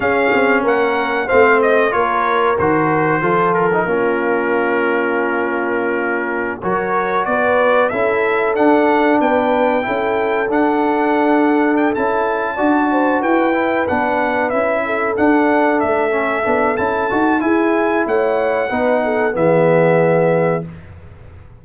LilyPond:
<<
  \new Staff \with { instrumentName = "trumpet" } { \time 4/4 \tempo 4 = 93 f''4 fis''4 f''8 dis''8 cis''4 | c''4. ais'2~ ais'8~ | ais'2~ ais'16 cis''4 d''8.~ | d''16 e''4 fis''4 g''4.~ g''16~ |
g''16 fis''2 g''16 a''4.~ | a''8 g''4 fis''4 e''4 fis''8~ | fis''8 e''4. a''4 gis''4 | fis''2 e''2 | }
  \new Staff \with { instrumentName = "horn" } { \time 4/4 gis'4 ais'4 c''4 ais'4~ | ais'4 a'4 f'2~ | f'2~ f'16 ais'4 b'8.~ | b'16 a'2 b'4 a'8.~ |
a'2.~ a'8 d''8 | c''8 b'2~ b'8 a'4~ | a'2. gis'4 | cis''4 b'8 a'8 gis'2 | }
  \new Staff \with { instrumentName = "trombone" } { \time 4/4 cis'2 c'4 f'4 | fis'4 f'8. dis'16 cis'2~ | cis'2~ cis'16 fis'4.~ fis'16~ | fis'16 e'4 d'2 e'8.~ |
e'16 d'2~ d'16 e'4 fis'8~ | fis'4 e'8 d'4 e'4 d'8~ | d'4 cis'8 d'8 e'8 fis'8 e'4~ | e'4 dis'4 b2 | }
  \new Staff \with { instrumentName = "tuba" } { \time 4/4 cis'8 c'8 ais4 a4 ais4 | dis4 f4 ais2~ | ais2~ ais16 fis4 b8.~ | b16 cis'4 d'4 b4 cis'8.~ |
cis'16 d'2~ d'16 cis'4 d'8~ | d'8 e'4 b4 cis'4 d'8~ | d'8 a4 b8 cis'8 dis'8 e'4 | a4 b4 e2 | }
>>